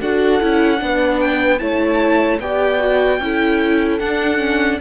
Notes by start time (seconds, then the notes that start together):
0.00 D4 F#4 A4 F#5
0.41 C#4 E4
0.78 B3 D4
0.84 B4
1.20 G5
1.59 A3 E4 C#5 A5
2.39 B3 G4 D5 G5
2.79 F#4
3.19 C#4 E4 A4
3.99 D4 F#5
4.37 C#4